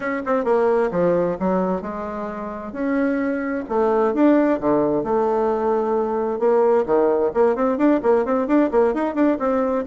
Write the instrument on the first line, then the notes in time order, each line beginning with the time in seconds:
bassoon
0.00 C#4
0.25 C4
0.44 A#3
0.91 F3
1.39 F#3
1.81 G#3
2.72 C#4
3.68 A3
4.13 D4
4.59 D3
5.03 A3
6.39 A#3
6.86 D#3
7.34 A#3
7.55 C4
7.77 D4
8.03 A#3
8.25 C4
8.47 D4
8.71 A#3
8.93 D#4
9.14 D4
9.39 C4